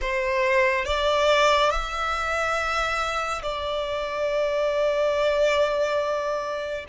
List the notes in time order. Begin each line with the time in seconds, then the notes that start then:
0.01 C5
0.85 D5
1.70 E5
3.42 D5